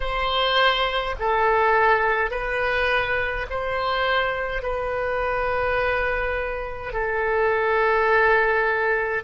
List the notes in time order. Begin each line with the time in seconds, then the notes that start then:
0.00 C5
1.19 A4
2.31 B4
3.49 C5
4.62 B4
6.92 A4